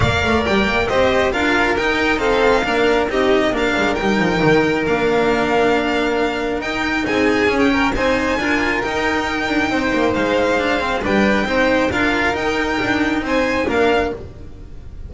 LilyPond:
<<
  \new Staff \with { instrumentName = "violin" } { \time 4/4 \tempo 4 = 136 f''4 g''4 dis''4 f''4 | g''4 f''2 dis''4 | f''4 g''2 f''4~ | f''2. g''4 |
gis''4~ gis''16 g''8. gis''2 | g''2. f''4~ | f''4 g''2 f''4 | g''2 gis''4 f''4 | }
  \new Staff \with { instrumentName = "violin" } { \time 4/4 d''2 c''4 ais'4~ | ais'4 a'4 ais'4 g'4 | ais'1~ | ais'1 |
gis'4. ais'8 c''4 ais'4~ | ais'2 c''2~ | c''4 b'4 c''4 ais'4~ | ais'2 c''4 ais'4 | }
  \new Staff \with { instrumentName = "cello" } { \time 4/4 ais'2 g'4 f'4 | dis'4 c'4 d'4 dis'4 | d'4 dis'2 d'4~ | d'2. dis'4~ |
dis'4 cis'4 dis'4 f'4 | dis'1 | d'8 c'8 d'4 dis'4 f'4 | dis'2. d'4 | }
  \new Staff \with { instrumentName = "double bass" } { \time 4/4 ais8 a8 g8 ais8 c'4 d'4 | dis'2 ais4 c'4 | ais8 gis8 g8 f8 dis4 ais4~ | ais2. dis'4 |
c'4 cis'4 c'4 d'4 | dis'4. d'8 c'8 ais8 gis4~ | gis4 g4 c'4 d'4 | dis'4 d'4 c'4 ais4 | }
>>